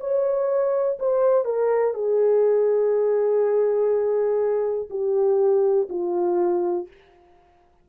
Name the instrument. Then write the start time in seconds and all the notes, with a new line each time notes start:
horn
0.00 C#5
0.99 C5
1.45 A#4
1.94 G#4
4.90 G4
5.89 F4